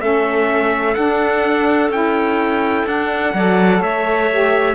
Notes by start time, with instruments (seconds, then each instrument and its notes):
0.00 cello A3, saxophone C#4, clarinet A4, trumpet E5
0.95 saxophone D4, cello D4, trumpet F#5
1.89 cello C#4, saxophone E4, trumpet G5
2.86 cello D4, saxophone D4, trumpet F#5
3.34 cello F#3, saxophone A4, clarinet D5
3.80 cello A3, clarinet C#5, trumpet E5
4.31 saxophone G4